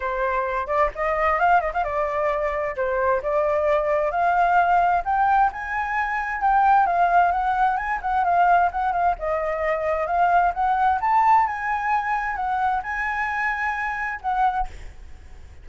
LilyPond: \new Staff \with { instrumentName = "flute" } { \time 4/4 \tempo 4 = 131 c''4. d''8 dis''4 f''8 dis''16 f''16 | d''2 c''4 d''4~ | d''4 f''2 g''4 | gis''2 g''4 f''4 |
fis''4 gis''8 fis''8 f''4 fis''8 f''8 | dis''2 f''4 fis''4 | a''4 gis''2 fis''4 | gis''2. fis''4 | }